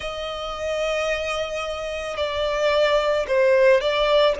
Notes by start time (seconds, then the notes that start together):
0.00 D#5
2.17 D5
3.27 C5
3.80 D5